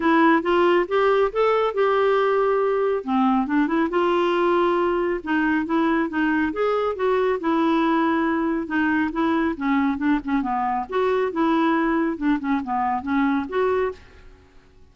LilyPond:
\new Staff \with { instrumentName = "clarinet" } { \time 4/4 \tempo 4 = 138 e'4 f'4 g'4 a'4 | g'2. c'4 | d'8 e'8 f'2. | dis'4 e'4 dis'4 gis'4 |
fis'4 e'2. | dis'4 e'4 cis'4 d'8 cis'8 | b4 fis'4 e'2 | d'8 cis'8 b4 cis'4 fis'4 | }